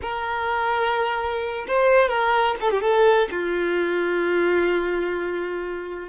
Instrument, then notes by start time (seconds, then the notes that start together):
violin
0.02 A#4
1.67 C5
2.08 A#4
2.60 A4
2.70 G4
2.81 A4
3.31 F4